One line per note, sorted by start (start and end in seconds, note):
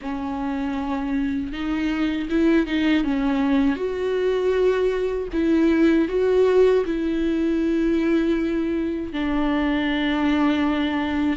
0.01 1.52 C#4
1.52 2.28 D#4
2.29 2.66 E4
2.66 3.04 D#4
3.04 3.76 C#4
3.76 5.28 F#4
5.32 6.08 E4
6.08 6.84 F#4
6.85 9.12 E4
9.12 11.36 D4